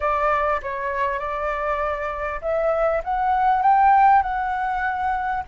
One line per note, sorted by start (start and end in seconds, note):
0.00 0.61 D5
0.62 1.19 C#5
1.19 2.40 D5
2.41 3.02 E5
3.04 3.62 F#5
3.62 4.22 G5
4.22 5.43 F#5